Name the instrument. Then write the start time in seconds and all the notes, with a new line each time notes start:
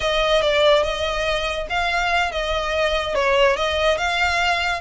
violin
0.00 D#5
0.41 D5
0.83 D#5
1.69 F5
2.31 D#5
3.14 C#5
3.56 D#5
3.97 F5